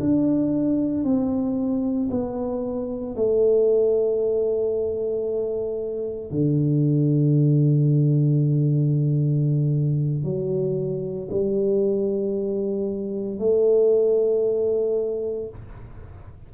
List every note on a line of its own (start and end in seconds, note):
0.00 1.04 D4
1.04 2.09 C4
2.10 3.15 B3
3.15 6.31 A3
6.31 10.23 D3
10.23 11.29 F#3
11.31 13.39 G3
13.39 15.49 A3